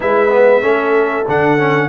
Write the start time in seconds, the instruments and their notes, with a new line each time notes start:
0.00 tuba G#3, trombone E4, horn B4, trumpet E5
0.29 trombone B3
0.61 tuba A3, trombone C#4, horn A4
1.27 tuba D3, trombone D4, trumpet F#5
1.58 trombone C#4